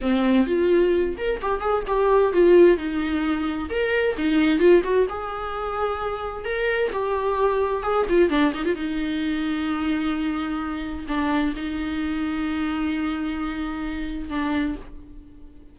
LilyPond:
\new Staff \with { instrumentName = "viola" } { \time 4/4 \tempo 4 = 130 c'4 f'4. ais'8 g'8 gis'8 | g'4 f'4 dis'2 | ais'4 dis'4 f'8 fis'8 gis'4~ | gis'2 ais'4 g'4~ |
g'4 gis'8 f'8 d'8 dis'16 f'16 dis'4~ | dis'1 | d'4 dis'2.~ | dis'2. d'4 | }